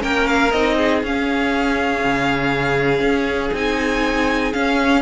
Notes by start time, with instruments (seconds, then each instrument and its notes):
0.00 cello A#3, viola C#4, violin A#4 G5
0.28 violin F5
0.52 cello C4, viola D#4, violin D#5
0.77 violin G#4
1.03 cello C#4, viola C#4, violin F5
2.04 cello C#3
3.01 cello C#4
3.53 cello C4, viola D#4, violin G#5
4.53 viola C#4, cello C#4, violin F5